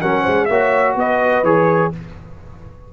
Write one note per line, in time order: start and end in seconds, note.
0.00 0.26 F#3
0.00 0.49 C#4
0.00 0.22 A#4
0.00 0.45 F#5
0.22 0.49 G#3
0.22 0.45 C5
0.45 0.96 A#3
0.45 1.44 F#4
0.45 0.97 C#5
0.45 0.93 E5
0.96 1.43 B3
0.96 1.93 B4
0.96 1.44 D#5
1.43 1.90 E3
1.43 1.92 G#4
1.43 1.92 C#5